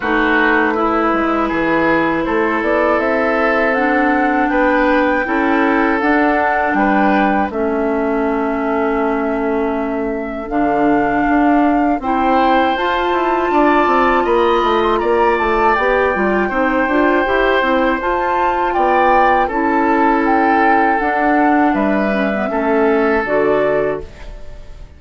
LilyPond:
<<
  \new Staff \with { instrumentName = "flute" } { \time 4/4 \tempo 4 = 80 b'2. c''8 d''8 | e''4 fis''4 g''2 | fis''4 g''4 e''2~ | e''2 f''2 |
g''4 a''2 b''8. c'''16 | ais''8 a''8 g''2. | a''4 g''4 a''4 g''4 | fis''4 e''2 d''4 | }
  \new Staff \with { instrumentName = "oboe" } { \time 4/4 fis'4 e'4 gis'4 a'4~ | a'2 b'4 a'4~ | a'4 b'4 a'2~ | a'1 |
c''2 d''4 dis''4 | d''2 c''2~ | c''4 d''4 a'2~ | a'4 b'4 a'2 | }
  \new Staff \with { instrumentName = "clarinet" } { \time 4/4 dis'4 e'2.~ | e'4 d'2 e'4 | d'2 cis'2~ | cis'2 d'2 |
e'4 f'2.~ | f'4 g'8 f'8 dis'8 f'8 g'8 e'8 | f'2 e'2 | d'4. cis'16 b16 cis'4 fis'4 | }
  \new Staff \with { instrumentName = "bassoon" } { \time 4/4 a4. gis8 e4 a8 b8 | c'2 b4 cis'4 | d'4 g4 a2~ | a2 d4 d'4 |
c'4 f'8 e'8 d'8 c'8 ais8 a8 | ais8 a8 b8 g8 c'8 d'8 e'8 c'8 | f'4 b4 cis'2 | d'4 g4 a4 d4 | }
>>